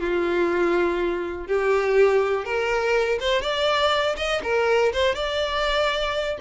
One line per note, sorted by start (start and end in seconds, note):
0.00 1.47 F4
1.47 2.45 G4
2.45 3.19 A#4
3.20 3.42 C5
3.42 4.15 D5
4.16 4.41 D#5
4.43 4.92 A#4
4.93 5.15 C5
5.15 6.38 D5